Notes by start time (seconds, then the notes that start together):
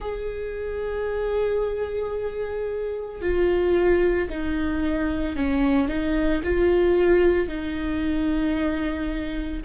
0.00 G#4
3.21 F4
4.29 D#4
5.36 C#4
5.88 D#4
6.43 F4
7.48 D#4